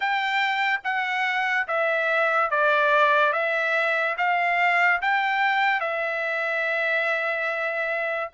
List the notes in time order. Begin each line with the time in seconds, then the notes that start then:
0.00 G5
0.83 F#5
1.67 E5
2.50 D5
3.33 E5
4.17 F5
5.01 G5
5.80 E5